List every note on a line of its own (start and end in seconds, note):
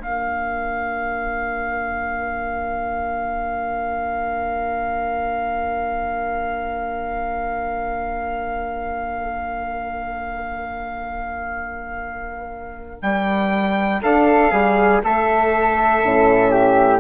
0.00 13.01 A#3
0.00 16.00 D4
0.00 14.00 A#4
0.00 13.02 F5
13.02 14.02 G3
13.02 14.02 G5
14.02 14.52 D4
14.02 14.51 A4
14.02 15.03 F5
14.51 15.02 G3
14.51 15.01 G#4
15.03 16.03 A3
15.03 16.50 A4
15.03 17.00 E5
16.03 17.00 A2
16.03 17.00 C#4
16.50 17.00 G4